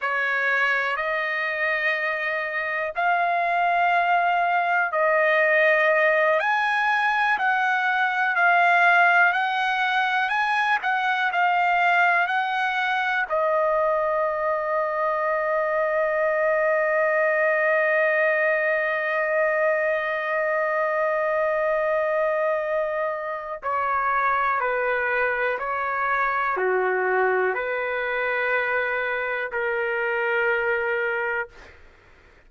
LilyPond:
\new Staff \with { instrumentName = "trumpet" } { \time 4/4 \tempo 4 = 61 cis''4 dis''2 f''4~ | f''4 dis''4. gis''4 fis''8~ | fis''8 f''4 fis''4 gis''8 fis''8 f''8~ | f''8 fis''4 dis''2~ dis''8~ |
dis''1~ | dis''1 | cis''4 b'4 cis''4 fis'4 | b'2 ais'2 | }